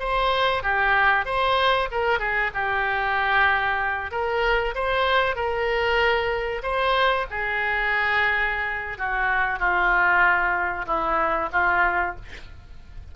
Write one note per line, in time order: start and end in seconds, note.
0.00 0.63 C5
0.63 1.25 G4
1.25 1.89 C5
1.92 2.20 A#4
2.20 2.51 G#4
2.54 4.11 G4
4.11 4.75 A#4
4.75 5.36 C5
5.36 6.62 A#4
6.63 7.26 C5
7.31 8.98 G#4
8.98 9.59 F#4
9.59 10.86 F4
10.87 11.50 E4
11.53 12.16 F4